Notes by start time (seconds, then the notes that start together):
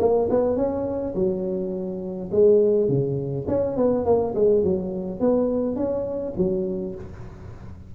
0.00 A#3
0.30 B3
0.57 C#4
1.15 F#3
2.32 G#3
2.89 C#3
3.48 C#4
3.77 B3
4.05 A#3
4.35 G#3
4.64 F#3
5.20 B3
5.76 C#4
6.37 F#3